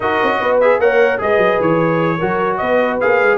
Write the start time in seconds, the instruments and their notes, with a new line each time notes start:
0.00 tuba D#4, trombone F#4, horn A#4, trumpet D#5
0.22 tuba C#4
0.39 tuba B3, horn B4
0.60 trombone G#4, trumpet E5
0.78 tuba A#3, trombone A#4, horn C#5, trumpet F#5
1.18 tuba G#3, trombone G#4, horn B4, trumpet D#5
1.37 tuba F#3
1.60 tuba E3, trumpet C#5
2.18 tuba F#3, trombone F#4, horn A#4
2.57 tuba B3, horn B4, trumpet D#5
3.00 tuba A#3, trombone G#4, trumpet F5
3.21 tuba G#3